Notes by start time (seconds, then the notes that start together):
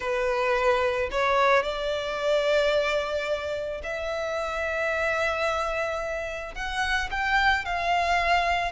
0.00 B4
1.11 C#5
1.63 D5
3.83 E5
6.55 F#5
7.10 G5
7.65 F5